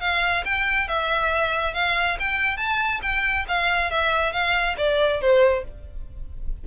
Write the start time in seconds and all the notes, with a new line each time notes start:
0.00 F5
0.45 G5
0.88 E5
1.74 F5
2.19 G5
2.57 A5
3.02 G5
3.48 F5
3.91 E5
4.32 F5
4.77 D5
5.21 C5